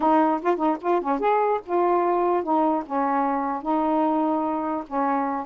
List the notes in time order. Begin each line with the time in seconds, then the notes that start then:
0.00 D#4
0.41 F4
0.57 D#4
0.81 F4
1.01 C#4
1.19 G#4
1.66 F4
2.43 D#4
2.85 C#4
3.62 D#4
4.87 C#4